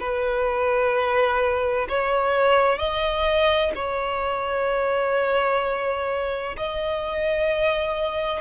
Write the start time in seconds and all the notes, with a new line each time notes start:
0.00 B4
1.89 C#5
2.78 D#5
3.75 C#5
6.57 D#5